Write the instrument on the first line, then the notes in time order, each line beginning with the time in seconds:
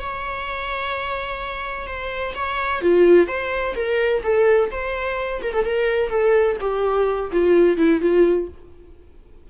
viola
0.00 C#5
1.87 C5
2.35 C#5
2.82 F4
3.28 C5
3.75 A#4
4.23 A4
4.71 C5
5.43 A#4
5.54 A4
5.65 A#4
6.10 A4
6.61 G4
7.32 F4
7.78 E4
8.01 F4